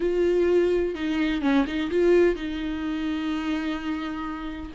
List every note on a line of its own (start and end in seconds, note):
0.00 0.94 F4
0.94 1.41 D#4
1.41 1.65 C#4
1.66 1.90 D#4
1.90 2.35 F4
2.35 4.71 D#4